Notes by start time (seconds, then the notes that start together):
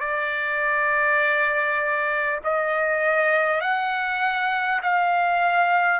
0.00 D5
2.44 D#5
3.61 F#5
4.82 F5